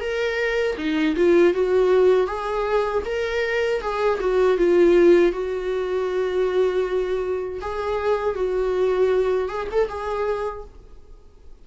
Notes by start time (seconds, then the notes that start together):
0.00 A#4
0.77 D#4
1.16 F4
1.53 F#4
2.27 G#4
3.05 A#4
3.81 G#4
4.20 F#4
4.57 F4
5.32 F#4
7.61 G#4
8.35 F#4
9.49 G#4
9.71 A4
9.88 G#4